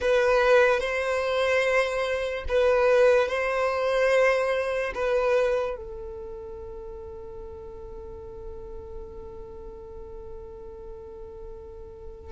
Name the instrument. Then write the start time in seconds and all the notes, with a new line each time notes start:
violin
0.00 B4
0.80 C5
2.48 B4
3.28 C5
4.94 B4
5.76 A4